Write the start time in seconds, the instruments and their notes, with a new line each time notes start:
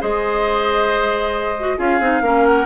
0.00 bassoon G#3, clarinet G#4, oboe C5, flute D#5
1.59 clarinet F#4
1.77 bassoon C#4, clarinet F4, oboe G#4, flute F5
2.00 bassoon C4, clarinet D#4
2.21 bassoon A#3, clarinet C#4, oboe A#4
2.45 flute F#5